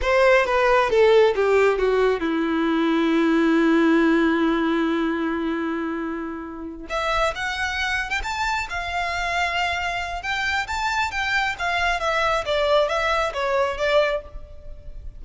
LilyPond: \new Staff \with { instrumentName = "violin" } { \time 4/4 \tempo 4 = 135 c''4 b'4 a'4 g'4 | fis'4 e'2.~ | e'1~ | e'2.~ e'8 e''8~ |
e''8 fis''4.~ fis''16 g''16 a''4 f''8~ | f''2. g''4 | a''4 g''4 f''4 e''4 | d''4 e''4 cis''4 d''4 | }